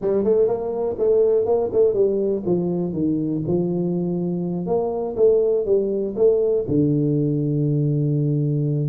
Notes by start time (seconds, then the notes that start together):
0.01 G3
0.23 A3
0.47 A#3
0.98 A3
1.45 A#3
1.72 A3
1.94 G3
2.45 F3
2.92 D#3
3.47 F3
4.66 A#3
5.16 A3
5.65 G3
6.15 A3
6.68 D3